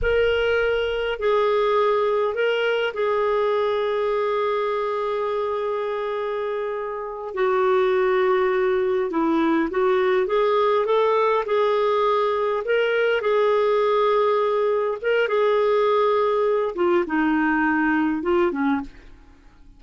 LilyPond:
\new Staff \with { instrumentName = "clarinet" } { \time 4/4 \tempo 4 = 102 ais'2 gis'2 | ais'4 gis'2.~ | gis'1~ | gis'8 fis'2. e'8~ |
e'8 fis'4 gis'4 a'4 gis'8~ | gis'4. ais'4 gis'4.~ | gis'4. ais'8 gis'2~ | gis'8 f'8 dis'2 f'8 cis'8 | }